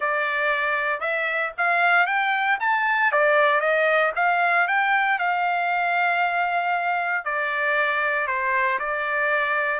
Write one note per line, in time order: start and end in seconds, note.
0.00 1.00 D5
1.00 1.52 E5
1.57 2.06 F5
2.06 2.58 G5
2.60 3.12 A5
3.12 3.60 D5
3.60 4.12 D#5
4.15 4.67 F5
4.67 5.18 G5
5.18 7.24 F5
7.24 8.27 D5
8.27 8.78 C5
8.79 9.79 D5